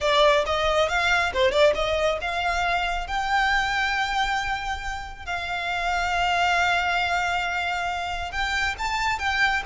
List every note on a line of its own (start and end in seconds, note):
0.01 0.44 D5
0.46 0.88 D#5
0.88 1.32 F5
1.33 1.51 C5
1.51 1.73 D5
1.75 2.18 D#5
2.21 3.07 F5
3.07 5.25 G5
5.25 8.31 F5
8.31 8.75 G5
8.78 9.19 A5
9.19 9.62 G5